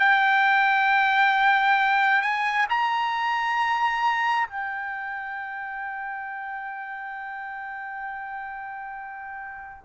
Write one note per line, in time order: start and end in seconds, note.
0.00 2.22 G5
2.22 2.67 G#5
2.70 4.47 A#5
4.47 9.85 G5